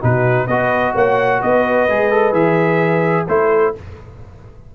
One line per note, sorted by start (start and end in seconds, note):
0.00 0.47 B2
0.00 0.47 D#4
0.00 0.47 F#4
0.00 0.47 B4
0.47 0.94 B3
0.47 1.89 F#4
0.47 0.93 B4
0.47 0.94 D#5
0.93 1.41 A#3
0.93 1.40 C#5
0.93 1.42 F#5
1.40 1.88 B3
1.40 3.26 B4
1.40 2.34 D#5
1.88 2.32 G#3
1.88 2.11 G#4
2.11 2.33 A4
2.32 3.25 E3
2.32 3.26 G#4
2.32 3.27 E5
3.27 3.75 A3
3.27 3.75 E4
3.27 3.74 A4
3.27 3.75 C5